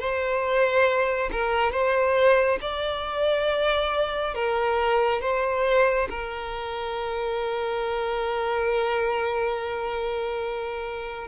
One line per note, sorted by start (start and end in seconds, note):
0.00 1.30 C5
1.32 1.72 A#4
1.72 2.59 C5
2.62 4.35 D5
4.35 5.22 A#4
5.22 6.09 C5
6.10 11.28 A#4